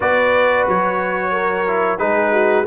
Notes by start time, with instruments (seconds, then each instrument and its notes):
0.00 tuba B3, trombone F#4, horn B4, trumpet D5
0.67 tuba F#3, trumpet C#5
1.31 horn A#4
1.67 trombone E4
1.98 tuba G#3, trombone D#4, horn G#4, trumpet B4
2.32 horn F#4